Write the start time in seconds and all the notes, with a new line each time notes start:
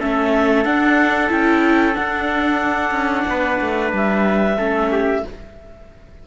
0.00 A3 C#4 A4 E5
0.65 D4 F#5
1.29 C#4 E4 G5
1.94 D4 F#5
2.91 C#4
3.28 B3 B4
3.61 A3
3.93 G3 E5
4.57 A3 C#4 A4
4.92 G4